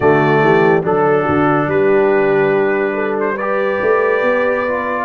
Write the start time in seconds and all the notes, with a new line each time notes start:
0.00 D3 A3 F#4 D5
0.40 E3 G4
0.82 F#3 D4 A4
1.22 D3 F#4
1.67 G3 G4 B4
2.94 A4
3.20 C5
3.35 G4 B4 D5
3.81 A3
4.22 B3
4.67 F4